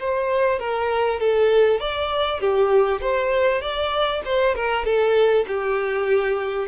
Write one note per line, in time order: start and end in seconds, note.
0.00 0.60 C5
0.60 1.20 A#4
1.20 1.80 A4
1.80 2.41 D5
2.41 3.01 G4
3.02 3.62 C5
3.62 4.22 D5
4.26 4.55 C5
4.55 4.85 A#4
4.85 5.46 A4
5.48 6.68 G4